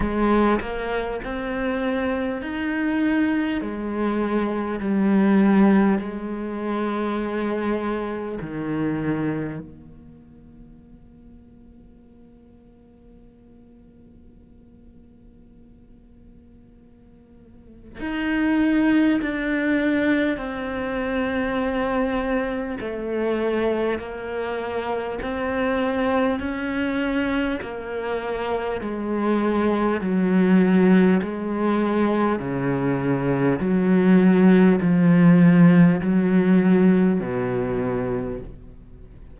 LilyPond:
\new Staff \with { instrumentName = "cello" } { \time 4/4 \tempo 4 = 50 gis8 ais8 c'4 dis'4 gis4 | g4 gis2 dis4 | ais1~ | ais2. dis'4 |
d'4 c'2 a4 | ais4 c'4 cis'4 ais4 | gis4 fis4 gis4 cis4 | fis4 f4 fis4 b,4 | }